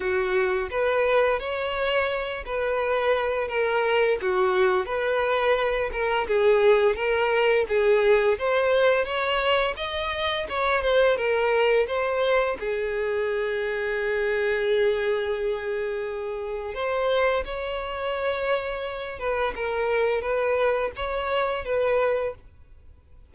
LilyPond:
\new Staff \with { instrumentName = "violin" } { \time 4/4 \tempo 4 = 86 fis'4 b'4 cis''4. b'8~ | b'4 ais'4 fis'4 b'4~ | b'8 ais'8 gis'4 ais'4 gis'4 | c''4 cis''4 dis''4 cis''8 c''8 |
ais'4 c''4 gis'2~ | gis'1 | c''4 cis''2~ cis''8 b'8 | ais'4 b'4 cis''4 b'4 | }